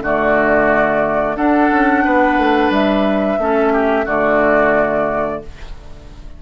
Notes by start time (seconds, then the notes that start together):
0.00 D3 A3 F#4 D5
1.36 D4 A4 F#5
1.70 C#4
2.04 B3 B4
2.37 A3
2.70 G3 E5
3.37 A3 C#4 A4
3.72 G4
4.05 D3 A3 F#4 D5